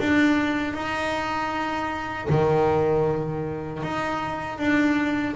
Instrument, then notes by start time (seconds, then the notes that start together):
double bass
0.00 D4
0.74 D#4
2.29 D#3
3.83 D#4
4.58 D4